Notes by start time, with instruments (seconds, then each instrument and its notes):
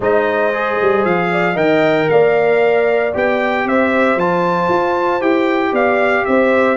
0.00 tuba G#3, trombone D#4, horn C5, trumpet D#5
0.53 trombone G#4
0.81 tuba G3
1.04 tuba F3, trumpet F5
1.31 horn D5
1.53 tuba D#3, trombone A#4, horn D#5, trumpet G5
2.09 tuba A#3, horn D5, trumpet F5
3.13 tuba B3, trombone G4, trumpet G5
3.65 tuba C4, horn C5, trumpet E5
4.16 tuba F3, trombone F4, trumpet A5
4.69 tuba F4
5.21 tuba E4, trombone G4, trumpet G5
5.72 tuba B3, horn D5, trumpet F5
6.25 tuba C4, horn C5, trumpet E5